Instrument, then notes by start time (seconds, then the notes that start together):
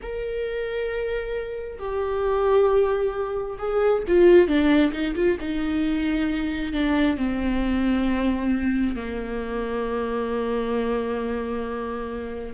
viola
0.02 A#4
1.78 G4
3.58 G#4
4.07 F4
4.47 D4
4.92 D#4
5.15 F4
5.40 D#4
6.72 D4
7.17 C4
8.96 A#3